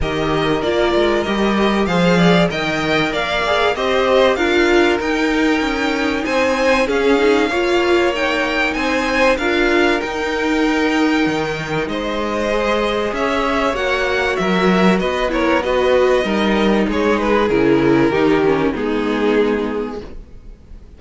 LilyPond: <<
  \new Staff \with { instrumentName = "violin" } { \time 4/4 \tempo 4 = 96 dis''4 d''4 dis''4 f''4 | g''4 f''4 dis''4 f''4 | g''2 gis''4 f''4~ | f''4 g''4 gis''4 f''4 |
g''2. dis''4~ | dis''4 e''4 fis''4 e''4 | dis''8 cis''8 dis''2 cis''8 b'8 | ais'2 gis'2 | }
  \new Staff \with { instrumentName = "violin" } { \time 4/4 ais'2. c''8 d''8 | dis''4 d''4 c''4 ais'4~ | ais'2 c''4 gis'4 | cis''2 c''4 ais'4~ |
ais'2. c''4~ | c''4 cis''2 ais'4 | b'8 ais'8 b'4 ais'4 gis'4~ | gis'4 g'4 dis'2 | }
  \new Staff \with { instrumentName = "viola" } { \time 4/4 g'4 f'4 g'4 gis'4 | ais'4. gis'8 g'4 f'4 | dis'2. cis'8 dis'8 | f'4 dis'2 f'4 |
dis'1 | gis'2 fis'2~ | fis'8 e'8 fis'4 dis'2 | e'4 dis'8 cis'8 b2 | }
  \new Staff \with { instrumentName = "cello" } { \time 4/4 dis4 ais8 gis8 g4 f4 | dis4 ais4 c'4 d'4 | dis'4 cis'4 c'4 cis'4 | ais2 c'4 d'4 |
dis'2 dis4 gis4~ | gis4 cis'4 ais4 fis4 | b2 g4 gis4 | cis4 dis4 gis2 | }
>>